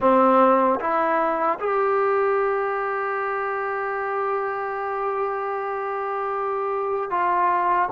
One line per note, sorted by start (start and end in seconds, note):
0.00 0.79 C4
0.79 1.58 E4
1.59 7.10 G4
7.10 7.89 F4